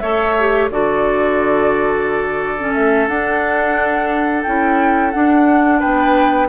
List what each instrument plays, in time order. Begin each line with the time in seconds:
0.00 bassoon A3, clarinet A4, oboe C#5, flute E5
0.40 clarinet G4
0.71 bassoon D3, clarinet F#4, oboe A4, flute D5
2.59 clarinet C#4
2.74 bassoon A3, flute E5
3.08 bassoon D4, clarinet D4, flute F#5
4.43 bassoon C#4, clarinet E4, flute G5
5.12 clarinet D4, bassoon D4, flute F#5
5.80 bassoon B3, oboe B4, flute G5